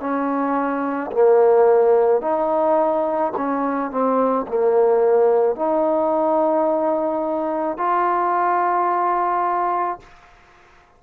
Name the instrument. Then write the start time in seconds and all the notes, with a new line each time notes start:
trombone
0.00 C#4
1.12 A#3
2.21 D#4
3.37 C#4
3.91 C4
4.47 A#3
5.56 D#4
7.77 F4